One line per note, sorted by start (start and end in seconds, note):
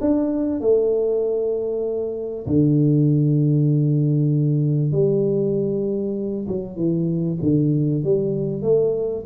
0.00 0.60 D4
0.60 2.46 A3
2.46 4.91 D3
4.91 6.46 G3
6.48 6.76 F#3
6.76 7.38 E3
7.42 8.03 D3
8.03 8.62 G3
8.62 9.24 A3